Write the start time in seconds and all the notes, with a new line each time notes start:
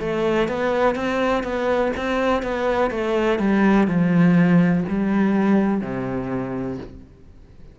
0.00 A3
0.48 B3
0.95 C4
1.43 B3
1.97 C4
2.43 B3
2.91 A3
3.39 G3
3.88 F3
4.89 G3
5.81 C3